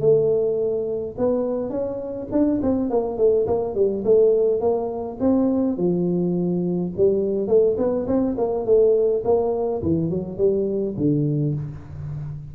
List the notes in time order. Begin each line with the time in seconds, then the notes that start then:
0.00 A3
1.17 B3
1.70 C#4
2.31 D4
2.62 C4
2.90 A#3
3.18 A3
3.47 A#3
3.74 G3
4.04 A3
4.60 A#3
5.20 C4
5.77 F3
6.97 G3
7.48 A3
7.77 B3
8.07 C4
8.37 A#3
8.65 A3
9.24 A#3
9.82 E3
10.10 F#3
10.37 G3
10.96 D3